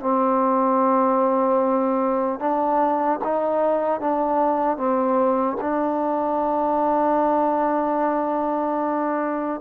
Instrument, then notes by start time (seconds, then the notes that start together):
trombone
0.00 C4
2.39 D4
3.24 D#4
4.00 D4
4.77 C4
5.61 D4